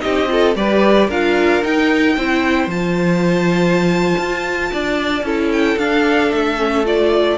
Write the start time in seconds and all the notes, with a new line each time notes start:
0.00 C4 D#4 G4 D#5
0.28 F4 A4
0.55 G3 G4 B4 D5
1.08 D4 F4 A#4 F5
1.62 D#4 G5
2.17 C4 E4 C5
2.67 F3 F4 A5
4.18 F4
4.73 D4 D5
5.22 C#4 E4 A4
5.52 G5
5.78 D4 F5
6.32 A3 E5
6.57 C#4
6.84 F4 D5